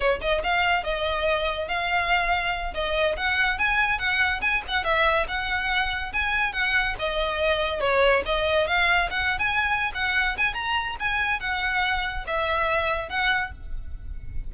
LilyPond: \new Staff \with { instrumentName = "violin" } { \time 4/4 \tempo 4 = 142 cis''8 dis''8 f''4 dis''2 | f''2~ f''8 dis''4 fis''8~ | fis''8 gis''4 fis''4 gis''8 fis''8 e''8~ | e''8 fis''2 gis''4 fis''8~ |
fis''8 dis''2 cis''4 dis''8~ | dis''8 f''4 fis''8. gis''4~ gis''16 fis''8~ | fis''8 gis''8 ais''4 gis''4 fis''4~ | fis''4 e''2 fis''4 | }